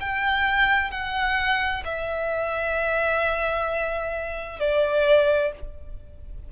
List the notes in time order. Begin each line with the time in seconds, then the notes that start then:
0.00 G5
0.91 F#5
1.85 E5
4.60 D5